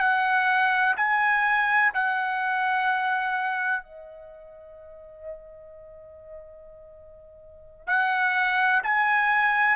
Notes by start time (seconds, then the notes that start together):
0.00 F#5
0.97 G#5
1.94 F#5
3.84 D#5
7.87 F#5
8.84 G#5